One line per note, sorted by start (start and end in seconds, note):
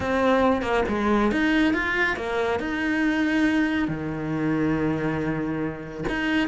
0.00 0.61 C4
0.61 0.83 A#3
0.88 1.31 G#3
1.31 1.73 D#4
1.73 2.16 F4
2.16 2.59 A#3
2.59 3.88 D#4
3.88 6.04 D#3
6.08 6.47 D#4